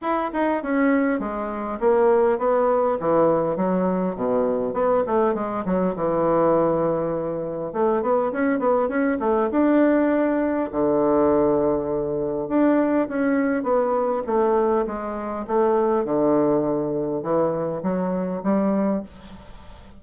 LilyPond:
\new Staff \with { instrumentName = "bassoon" } { \time 4/4 \tempo 4 = 101 e'8 dis'8 cis'4 gis4 ais4 | b4 e4 fis4 b,4 | b8 a8 gis8 fis8 e2~ | e4 a8 b8 cis'8 b8 cis'8 a8 |
d'2 d2~ | d4 d'4 cis'4 b4 | a4 gis4 a4 d4~ | d4 e4 fis4 g4 | }